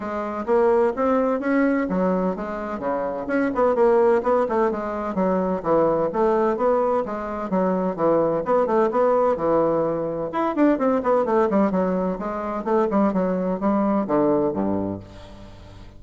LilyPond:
\new Staff \with { instrumentName = "bassoon" } { \time 4/4 \tempo 4 = 128 gis4 ais4 c'4 cis'4 | fis4 gis4 cis4 cis'8 b8 | ais4 b8 a8 gis4 fis4 | e4 a4 b4 gis4 |
fis4 e4 b8 a8 b4 | e2 e'8 d'8 c'8 b8 | a8 g8 fis4 gis4 a8 g8 | fis4 g4 d4 g,4 | }